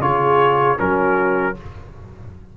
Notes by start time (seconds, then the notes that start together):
0.00 C#3 F4 G#4 C#5
0.78 F#3 C#4 F#4 A#4